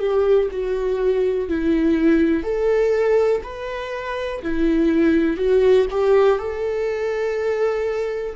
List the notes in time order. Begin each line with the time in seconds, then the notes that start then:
0.00 G4
0.51 F#4
1.49 E4
2.44 A4
3.44 B4
4.43 E4
5.38 F#4
5.91 G4
6.39 A4